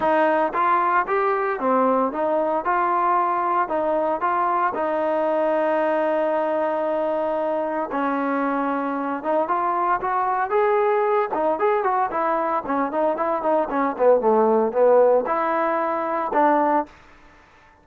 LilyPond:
\new Staff \with { instrumentName = "trombone" } { \time 4/4 \tempo 4 = 114 dis'4 f'4 g'4 c'4 | dis'4 f'2 dis'4 | f'4 dis'2.~ | dis'2. cis'4~ |
cis'4. dis'8 f'4 fis'4 | gis'4. dis'8 gis'8 fis'8 e'4 | cis'8 dis'8 e'8 dis'8 cis'8 b8 a4 | b4 e'2 d'4 | }